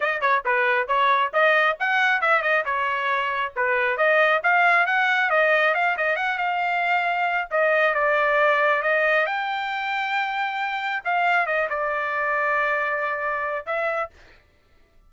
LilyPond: \new Staff \with { instrumentName = "trumpet" } { \time 4/4 \tempo 4 = 136 dis''8 cis''8 b'4 cis''4 dis''4 | fis''4 e''8 dis''8 cis''2 | b'4 dis''4 f''4 fis''4 | dis''4 f''8 dis''8 fis''8 f''4.~ |
f''4 dis''4 d''2 | dis''4 g''2.~ | g''4 f''4 dis''8 d''4.~ | d''2. e''4 | }